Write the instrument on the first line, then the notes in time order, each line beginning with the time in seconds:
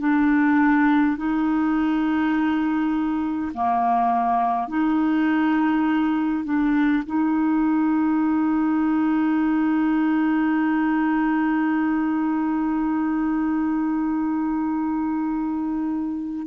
clarinet
0.00 D4
1.17 D#4
3.54 A#3
4.68 D#4
6.45 D4
7.06 D#4